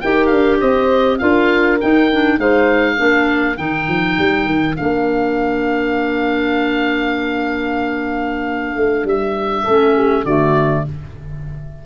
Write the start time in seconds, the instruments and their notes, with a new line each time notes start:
0.00 tuba D#4, clarinet G4, horn A#4, oboe G5
0.26 tuba D4, oboe F5
0.60 tuba C4, horn C5, oboe D#5
1.18 tuba D4, clarinet F4, horn A#4, oboe F5
1.80 clarinet D#4, tuba D#4, oboe G5
2.11 clarinet D4
2.38 tuba G#3, clarinet D#4, horn C5, oboe F5
2.96 tuba A#3, clarinet D4, horn A#4
3.56 tuba D#3, clarinet D#4, oboe G5
3.88 tuba F3
4.18 tuba G3
4.46 tuba D#3
4.75 tuba A#3, clarinet D4, oboe F5
8.75 tuba A3
9.04 tuba G3, oboe E5
9.64 tuba A3, clarinet C#4, horn A4
9.97 horn G4
10.24 tuba D3, clarinet A3, horn F#4, oboe D5